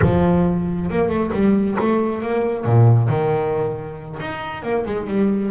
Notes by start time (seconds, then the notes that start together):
0.01 F3
0.89 A#3
1.08 A3
1.33 G3
1.79 A3
2.22 A#3
2.65 A#2
3.08 D#3
4.20 D#4
4.62 A#3
4.85 G#3
5.07 G3